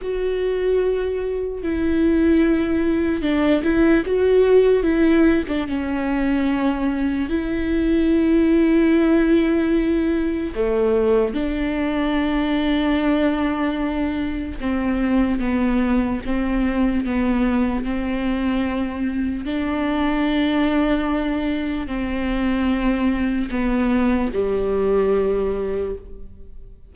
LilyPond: \new Staff \with { instrumentName = "viola" } { \time 4/4 \tempo 4 = 74 fis'2 e'2 | d'8 e'8 fis'4 e'8. d'16 cis'4~ | cis'4 e'2.~ | e'4 a4 d'2~ |
d'2 c'4 b4 | c'4 b4 c'2 | d'2. c'4~ | c'4 b4 g2 | }